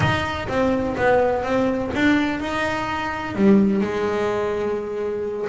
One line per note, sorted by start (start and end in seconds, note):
0.00 0.47 D#4
0.48 0.95 C4
0.97 1.43 B3
1.43 1.90 C4
1.95 2.40 D4
2.40 3.35 D#4
3.35 3.81 G3
3.81 5.47 G#3